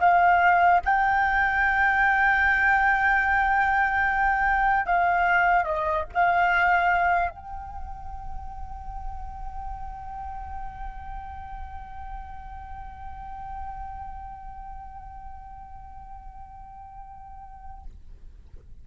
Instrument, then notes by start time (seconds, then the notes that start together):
flute
0.00 F5
0.85 G5
4.86 F5
5.64 D#5
6.14 F5
7.30 G5